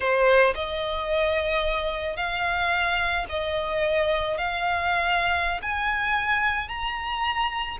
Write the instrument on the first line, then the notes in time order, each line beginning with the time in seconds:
violin
0.00 C5
0.55 D#5
2.16 F5
3.29 D#5
4.37 F5
5.62 G#5
6.68 A#5